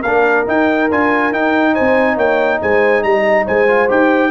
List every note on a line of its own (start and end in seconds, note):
0.00 0.46 A#3
0.00 0.47 D4
0.00 1.71 A#4
0.00 0.45 F5
0.47 0.89 D#4
0.47 0.90 D#4
0.47 0.91 G5
0.91 1.32 D4
0.91 1.33 F4
0.91 1.33 G#5
1.32 1.75 D#4
1.32 3.67 D#4
1.32 1.74 G5
1.73 2.16 C5
1.73 2.17 G#5
1.80 2.17 C4
2.16 2.59 A#3
2.16 2.58 C#5
2.16 2.61 G5
2.62 3.04 G#3
2.62 3.05 C5
2.62 3.03 G#5
3.03 3.46 G3
3.03 3.45 D#5
3.03 3.46 A#5
3.45 3.90 G#3
3.45 4.31 C5
3.45 3.90 G#5
3.67 3.88 F4
3.88 4.31 D#4
3.88 4.31 G4
3.88 4.31 G5